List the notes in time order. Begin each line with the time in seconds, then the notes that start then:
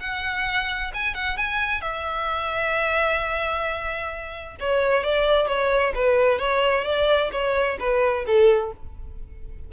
0.00 F#5
0.94 G#5
1.15 F#5
1.37 G#5
1.81 E5
4.60 C#5
5.04 D5
5.47 C#5
5.95 B4
6.39 C#5
6.85 D5
7.32 C#5
7.80 B4
8.27 A4